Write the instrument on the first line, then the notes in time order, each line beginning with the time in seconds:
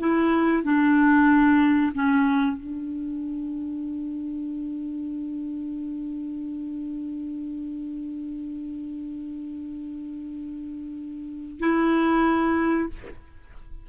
clarinet
0.00 E4
0.64 D4
1.94 C#4
2.57 D4
11.60 E4